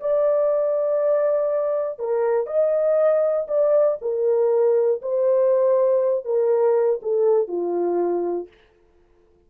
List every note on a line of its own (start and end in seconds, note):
0.00 1.99 D5
1.99 2.47 A#4
2.47 3.47 D#5
3.47 3.97 D5
4.01 5.01 A#4
5.02 6.25 C5
6.25 7.00 A#4
7.02 7.48 A4
7.48 8.48 F4